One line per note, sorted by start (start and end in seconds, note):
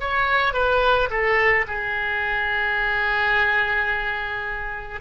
0.00 0.54 C#5
0.54 1.09 B4
1.10 1.66 A4
1.67 5.01 G#4